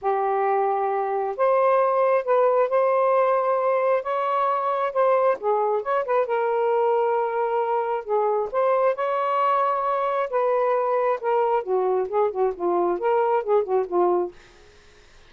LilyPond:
\new Staff \with { instrumentName = "saxophone" } { \time 4/4 \tempo 4 = 134 g'2. c''4~ | c''4 b'4 c''2~ | c''4 cis''2 c''4 | gis'4 cis''8 b'8 ais'2~ |
ais'2 gis'4 c''4 | cis''2. b'4~ | b'4 ais'4 fis'4 gis'8 fis'8 | f'4 ais'4 gis'8 fis'8 f'4 | }